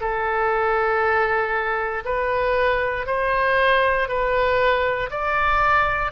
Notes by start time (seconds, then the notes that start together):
0.00 A4
2.05 B4
3.06 C5
4.08 B4
5.10 D5